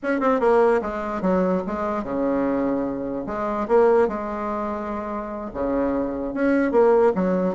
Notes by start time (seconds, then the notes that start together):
0.03 C#4
0.20 C4
0.40 A#3
0.81 G#3
1.21 F#3
1.66 G#3
2.03 C#3
3.26 G#3
3.67 A#3
4.08 G#3
5.53 C#3
6.34 C#4
6.71 A#3
7.15 F#3